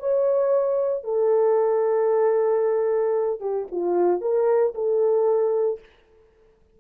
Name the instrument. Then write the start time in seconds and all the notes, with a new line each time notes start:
horn
0.00 C#5
1.04 A4
3.40 G4
3.72 F4
4.22 A#4
4.75 A4